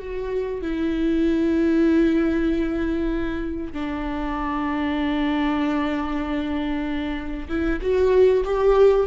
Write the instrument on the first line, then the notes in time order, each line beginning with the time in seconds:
viola
0.00 F#4
0.62 E4
3.73 D4
7.49 E4
7.82 F#4
8.45 G4